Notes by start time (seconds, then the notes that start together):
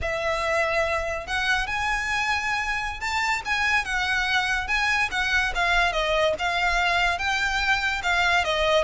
0.01 E5
1.27 F#5
1.66 G#5
3.00 A5
3.45 G#5
3.84 F#5
4.67 G#5
5.11 F#5
5.54 F5
5.92 D#5
6.38 F5
7.18 G5
8.02 F5
8.44 D#5